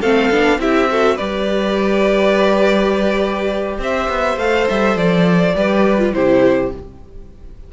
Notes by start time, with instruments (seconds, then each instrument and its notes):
0.00 cello A3, viola C4, violin A4 F5
0.30 cello B3, viola D4
0.58 cello C4, viola E4, violin G4 E5
0.90 viola F#4, violin A4
1.15 cello G3, viola G4, violin B4 D5
3.78 cello C4, violin C5 E5
4.09 cello B3
4.37 cello A3, viola A4, violin F5
4.69 cello G3, violin E5
4.96 cello F3, violin D5
5.55 cello G3, viola G4, violin B4
5.98 viola F4
6.13 cello C3, viola E4, violin G4 C5